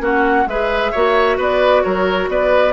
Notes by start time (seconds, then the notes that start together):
0.00 A#3 C#4 F#4 F#5
0.46 G#3 G#4 B4 E5
0.92 A#3 F#4 C#5
1.37 B3 B4 D5
1.83 F#3 A#4 C#5
2.29 B3 B4 D5